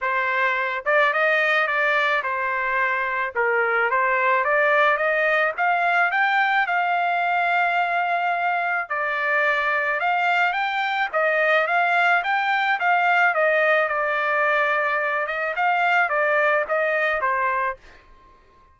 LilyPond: \new Staff \with { instrumentName = "trumpet" } { \time 4/4 \tempo 4 = 108 c''4. d''8 dis''4 d''4 | c''2 ais'4 c''4 | d''4 dis''4 f''4 g''4 | f''1 |
d''2 f''4 g''4 | dis''4 f''4 g''4 f''4 | dis''4 d''2~ d''8 dis''8 | f''4 d''4 dis''4 c''4 | }